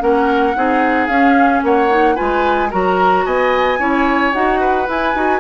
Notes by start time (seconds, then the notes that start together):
0.00 A#3 C#4 A#4 F#5
0.56 C4 D#4 G#4
1.07 C#4 F5
1.64 A#3 C#5 F#5
1.90 D#4
2.16 G#3 F4 B4 G#5
2.71 F#3 F#4 A#4 A#5
3.26 B3 D#5 G#5
3.79 C#4 E4 C#5
4.34 D#4 F#4 F#5
4.60 B4
4.87 E4 G#5
5.15 D#4 F#4